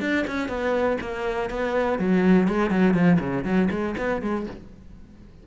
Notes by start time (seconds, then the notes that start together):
0.00 D4
0.27 C#4
0.48 B3
1.01 A#3
1.50 B3
1.98 F#3
2.47 G#3
2.70 F#3
2.94 F3
3.19 C#3
3.44 F#3
3.70 G#3
3.97 B3
4.22 G#3